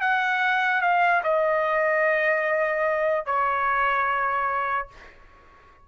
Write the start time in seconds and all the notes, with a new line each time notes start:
0.00 F#5
0.81 F5
1.23 D#5
3.25 C#5